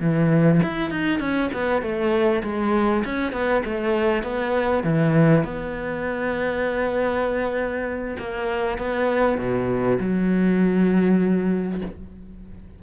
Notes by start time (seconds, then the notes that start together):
0.00 E3
0.63 E4
0.90 D#4
1.19 C#4
1.53 B3
1.82 A3
2.43 G#3
3.04 C#4
3.32 B3
3.64 A3
4.23 B3
4.83 E3
5.44 B3
8.18 A#3
8.78 B3
9.38 B2
9.99 F#3